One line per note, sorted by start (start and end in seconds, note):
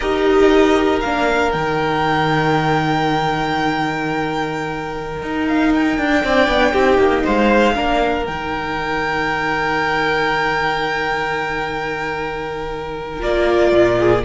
0.00 1.03 D#4
0.00 1.03 G4
0.00 6.20 A#4
0.00 0.99 D#5
1.00 1.53 A#3
1.00 1.53 D4
1.00 1.51 F5
1.51 5.22 D#3
1.51 6.23 D#4
1.51 5.45 G5
5.22 5.98 D#4
5.47 5.73 F5
5.74 7.26 G5
5.98 6.23 D4
6.23 6.47 C4
6.23 6.73 D4
6.23 6.72 D5
6.47 6.73 B3
6.72 6.98 C4
6.72 7.75 D#4
6.72 7.23 G4
6.98 7.23 A#3
7.23 7.76 G#3
7.23 7.74 C5
7.23 8.25 F5
7.75 8.27 A#3
7.75 8.25 D4
7.75 13.98 A#4
8.25 13.22 D#3
8.25 13.19 D#4
8.25 13.21 G5
13.19 13.72 A#3
13.19 14.21 F4
13.19 14.24 D5
13.72 14.23 A#2
13.99 14.24 G#4